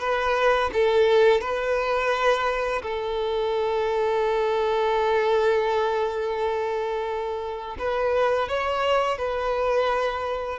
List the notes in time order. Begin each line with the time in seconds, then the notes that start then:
0.00 B4
0.73 A4
1.41 B4
2.83 A4
7.79 B4
8.49 C#5
9.18 B4